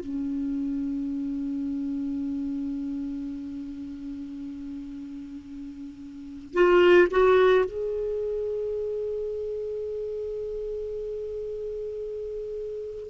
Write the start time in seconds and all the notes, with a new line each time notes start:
0.00 C#4
6.54 F4
7.11 F#4
7.65 G#4